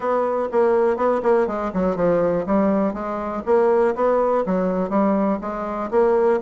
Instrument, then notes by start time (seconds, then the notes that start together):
bassoon
0.00 B3
0.51 A#3
0.96 B3
1.22 A#3
1.47 G#3
1.73 F#3
1.95 F3
2.46 G3
2.93 G#3
3.45 A#3
3.95 B3
4.46 F#3
4.89 G3
5.41 G#3
5.91 A#3